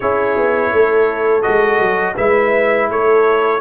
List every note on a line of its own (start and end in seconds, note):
0.00 0.37 C#4
0.00 1.42 E4
0.00 0.72 G#4
0.00 1.42 C#5
0.37 0.73 B3
0.73 1.45 A3
0.73 2.15 A4
1.42 1.79 G#3
1.42 2.14 F#4
1.42 2.14 D#5
1.79 2.15 F#3
2.15 2.89 G#3
2.15 3.60 E4
2.15 2.87 B4
2.15 2.89 E5
2.89 3.60 A3
2.89 3.60 A4
2.89 3.60 C#5